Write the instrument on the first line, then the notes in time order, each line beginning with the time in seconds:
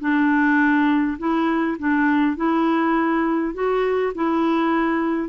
clarinet
0.00 D4
1.18 E4
1.79 D4
2.36 E4
3.54 F#4
4.15 E4